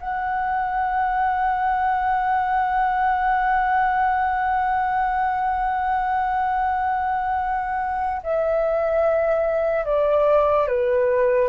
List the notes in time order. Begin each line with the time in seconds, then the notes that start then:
0.00 F#5
8.23 E5
9.85 D5
10.68 B4